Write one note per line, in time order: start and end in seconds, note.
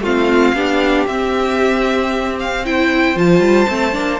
0.00 0.52 A3
0.00 0.56 C4
0.00 0.56 F4
0.00 1.07 F5
0.54 1.06 B3
0.54 1.07 D4
0.54 2.64 G4
1.07 2.63 C4
1.07 3.16 C4
1.07 2.37 E5
2.40 2.66 F5
2.65 3.16 E4
2.65 4.20 C5
2.65 3.18 G5
3.16 3.40 F3
3.16 3.68 F4
3.16 4.20 A5
3.40 3.66 G3
3.69 3.94 A3
3.69 3.92 C4
3.92 4.20 A#3
3.92 4.18 D4